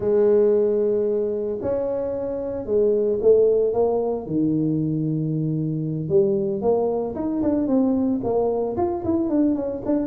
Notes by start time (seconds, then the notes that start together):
0.00 G#3
1.61 C#4
2.65 G#3
3.21 A3
3.73 A#3
4.26 D#3
6.08 G3
6.61 A#3
7.15 D#4
7.42 D4
7.67 C4
8.23 A#3
8.77 F4
9.04 E4
9.29 D4
9.55 C#4
9.85 D4